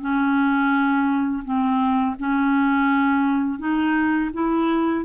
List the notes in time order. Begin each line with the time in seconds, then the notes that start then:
0.00 C#4
1.44 C4
2.19 C#4
3.59 D#4
4.33 E4